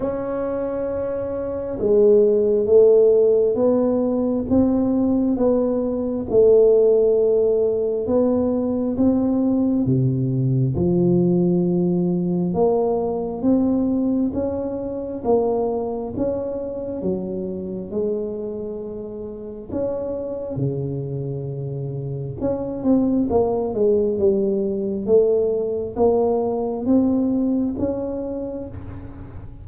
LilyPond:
\new Staff \with { instrumentName = "tuba" } { \time 4/4 \tempo 4 = 67 cis'2 gis4 a4 | b4 c'4 b4 a4~ | a4 b4 c'4 c4 | f2 ais4 c'4 |
cis'4 ais4 cis'4 fis4 | gis2 cis'4 cis4~ | cis4 cis'8 c'8 ais8 gis8 g4 | a4 ais4 c'4 cis'4 | }